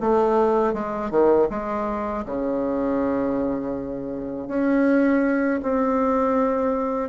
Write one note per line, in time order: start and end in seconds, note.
0.00 0.73 A3
0.73 1.10 G#3
1.10 1.48 D#3
1.50 2.25 G#3
2.25 4.47 C#3
4.47 5.60 C#4
5.62 7.09 C4